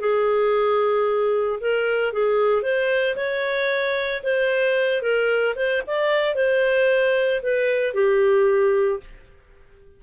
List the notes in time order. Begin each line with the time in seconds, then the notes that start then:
0.00 G#4
1.60 A#4
2.12 G#4
2.62 C5
3.16 C#5
4.23 C5
5.02 A#4
5.55 C5
5.86 D5
6.35 C5
7.42 B4
7.94 G4